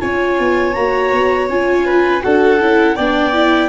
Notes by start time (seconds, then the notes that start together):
0.00 C#4 F4 C#5 G#5
0.40 B3
0.74 A#3 F#4 A#5
1.12 B3
1.49 C#4 F4 G#5
1.86 B4
2.21 D4 F#4 A4 F#5
2.60 C#4 E4
2.96 B3 D4 D5 G5
3.33 E4